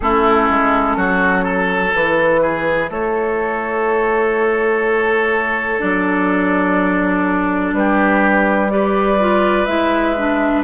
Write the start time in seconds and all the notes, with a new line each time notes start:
0.00 A3 C#4 E4 A4
0.49 G#3
0.96 F#3 F#4
1.44 A4
1.92 E3 E4 B4
2.42 G#4
2.90 A3 A4 C#5
5.78 F#3 D4 D5
7.72 G3 G4 B4
8.69 G4 B4 D5
9.20 F4
9.65 G#3 E4 E5
10.17 D4